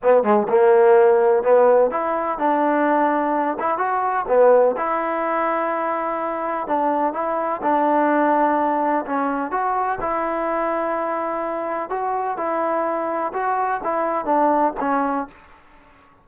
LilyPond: \new Staff \with { instrumentName = "trombone" } { \time 4/4 \tempo 4 = 126 b8 gis8 ais2 b4 | e'4 d'2~ d'8 e'8 | fis'4 b4 e'2~ | e'2 d'4 e'4 |
d'2. cis'4 | fis'4 e'2.~ | e'4 fis'4 e'2 | fis'4 e'4 d'4 cis'4 | }